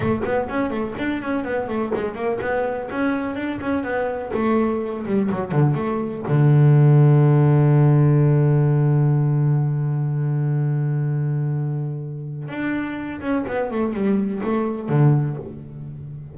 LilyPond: \new Staff \with { instrumentName = "double bass" } { \time 4/4 \tempo 4 = 125 a8 b8 cis'8 a8 d'8 cis'8 b8 a8 | gis8 ais8 b4 cis'4 d'8 cis'8 | b4 a4. g8 fis8 d8 | a4 d2.~ |
d1~ | d1~ | d2 d'4. cis'8 | b8 a8 g4 a4 d4 | }